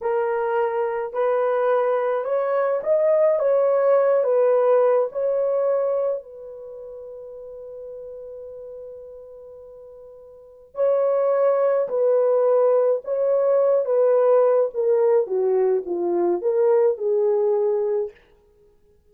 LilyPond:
\new Staff \with { instrumentName = "horn" } { \time 4/4 \tempo 4 = 106 ais'2 b'2 | cis''4 dis''4 cis''4. b'8~ | b'4 cis''2 b'4~ | b'1~ |
b'2. cis''4~ | cis''4 b'2 cis''4~ | cis''8 b'4. ais'4 fis'4 | f'4 ais'4 gis'2 | }